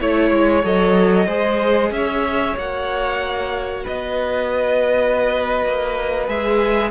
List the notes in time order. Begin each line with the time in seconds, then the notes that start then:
0.00 A3 E4 C#5
0.31 G#3
0.62 F#3 A4 D#5
1.26 G#3 G#4 C5
1.90 C#4 C#5 E5
2.56 A#3 F#4 F#5
3.84 B3 B4 D#5
5.65 A#3
6.27 G#3 G#4 E5